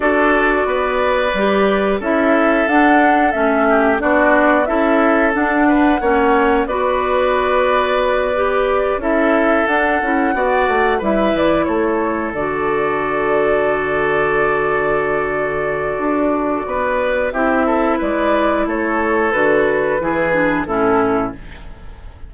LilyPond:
<<
  \new Staff \with { instrumentName = "flute" } { \time 4/4 \tempo 4 = 90 d''2. e''4 | fis''4 e''4 d''4 e''4 | fis''2 d''2~ | d''4. e''4 fis''4.~ |
fis''8 e''8 d''8 cis''4 d''4.~ | d''1~ | d''2 e''4 d''4 | cis''4 b'2 a'4 | }
  \new Staff \with { instrumentName = "oboe" } { \time 4/4 a'4 b'2 a'4~ | a'4. g'8 fis'4 a'4~ | a'8 b'8 cis''4 b'2~ | b'4. a'2 d''8~ |
d''8 b'4 a'2~ a'8~ | a'1~ | a'4 b'4 g'8 a'8 b'4 | a'2 gis'4 e'4 | }
  \new Staff \with { instrumentName = "clarinet" } { \time 4/4 fis'2 g'4 e'4 | d'4 cis'4 d'4 e'4 | d'4 cis'4 fis'2~ | fis'8 g'4 e'4 d'8 e'8 fis'8~ |
fis'8 e'2 fis'4.~ | fis'1~ | fis'2 e'2~ | e'4 fis'4 e'8 d'8 cis'4 | }
  \new Staff \with { instrumentName = "bassoon" } { \time 4/4 d'4 b4 g4 cis'4 | d'4 a4 b4 cis'4 | d'4 ais4 b2~ | b4. cis'4 d'8 cis'8 b8 |
a8 g8 e8 a4 d4.~ | d1 | d'4 b4 c'4 gis4 | a4 d4 e4 a,4 | }
>>